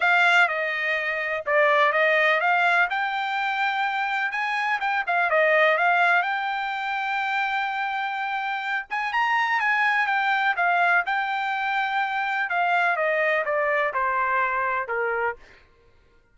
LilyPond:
\new Staff \with { instrumentName = "trumpet" } { \time 4/4 \tempo 4 = 125 f''4 dis''2 d''4 | dis''4 f''4 g''2~ | g''4 gis''4 g''8 f''8 dis''4 | f''4 g''2.~ |
g''2~ g''8 gis''8 ais''4 | gis''4 g''4 f''4 g''4~ | g''2 f''4 dis''4 | d''4 c''2 ais'4 | }